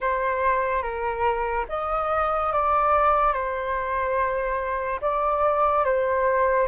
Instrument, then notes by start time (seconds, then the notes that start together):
flute
0.00 C5
0.82 A#4
1.69 D#5
2.52 D5
3.33 C5
5.01 D5
5.84 C5